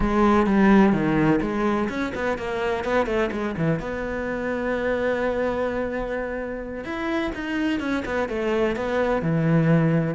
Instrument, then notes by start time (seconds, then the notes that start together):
cello
0.00 G#3
0.46 G3
0.92 D#3
1.41 G#3
1.89 C#4
2.15 B3
2.38 A#3
2.84 B3
3.06 A3
3.31 G#3
3.57 E3
3.79 B3
6.84 E4
7.34 D#4
7.80 C#4
8.05 B3
8.28 A3
8.76 B3
9.21 E3